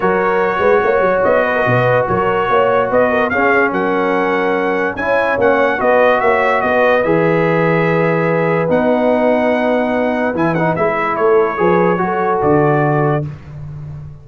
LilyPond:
<<
  \new Staff \with { instrumentName = "trumpet" } { \time 4/4 \tempo 4 = 145 cis''2. dis''4~ | dis''4 cis''2 dis''4 | f''4 fis''2. | gis''4 fis''4 dis''4 e''4 |
dis''4 e''2.~ | e''4 fis''2.~ | fis''4 gis''8 fis''8 e''4 cis''4~ | cis''2 d''2 | }
  \new Staff \with { instrumentName = "horn" } { \time 4/4 ais'4. b'8 cis''4. b'16 ais'16 | b'4 ais'4 cis''4 b'8 ais'8 | gis'4 ais'2. | cis''2 b'4 cis''4 |
b'1~ | b'1~ | b'2. a'4 | b'4 a'2. | }
  \new Staff \with { instrumentName = "trombone" } { \time 4/4 fis'1~ | fis'1 | cis'1 | e'4 cis'4 fis'2~ |
fis'4 gis'2.~ | gis'4 dis'2.~ | dis'4 e'8 dis'8 e'2 | gis'4 fis'2. | }
  \new Staff \with { instrumentName = "tuba" } { \time 4/4 fis4. gis8 ais8 fis8 b4 | b,4 fis4 ais4 b4 | cis'4 fis2. | cis'4 ais4 b4 ais4 |
b4 e2.~ | e4 b2.~ | b4 e4 gis4 a4 | f4 fis4 d2 | }
>>